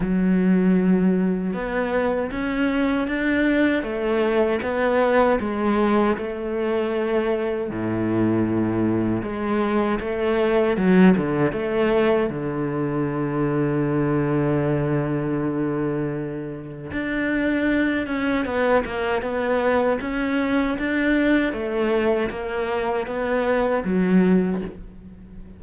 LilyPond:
\new Staff \with { instrumentName = "cello" } { \time 4/4 \tempo 4 = 78 fis2 b4 cis'4 | d'4 a4 b4 gis4 | a2 a,2 | gis4 a4 fis8 d8 a4 |
d1~ | d2 d'4. cis'8 | b8 ais8 b4 cis'4 d'4 | a4 ais4 b4 fis4 | }